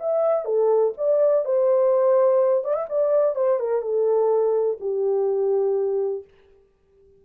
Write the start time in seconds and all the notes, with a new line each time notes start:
0.00 E5
0.45 A4
0.98 D5
1.45 C5
2.64 D5
2.74 E5
2.89 D5
3.36 C5
3.60 A#4
3.82 A4
4.80 G4